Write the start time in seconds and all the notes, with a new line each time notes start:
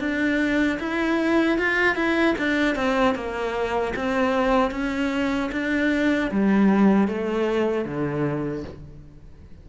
0.00 D4
0.80 E4
1.58 F4
1.96 E4
2.39 D4
2.76 C4
3.15 A#3
3.96 C4
4.72 C#4
5.52 D4
6.31 G3
7.08 A3
7.85 D3